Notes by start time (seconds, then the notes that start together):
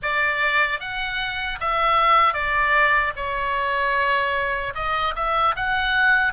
0.02 D5
0.79 F#5
1.60 E5
2.33 D5
3.15 C#5
4.74 D#5
5.15 E5
5.56 F#5